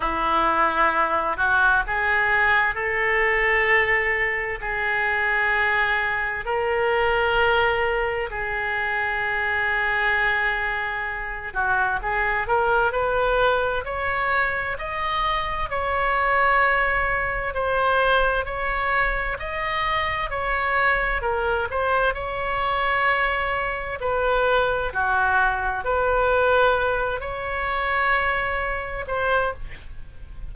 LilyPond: \new Staff \with { instrumentName = "oboe" } { \time 4/4 \tempo 4 = 65 e'4. fis'8 gis'4 a'4~ | a'4 gis'2 ais'4~ | ais'4 gis'2.~ | gis'8 fis'8 gis'8 ais'8 b'4 cis''4 |
dis''4 cis''2 c''4 | cis''4 dis''4 cis''4 ais'8 c''8 | cis''2 b'4 fis'4 | b'4. cis''2 c''8 | }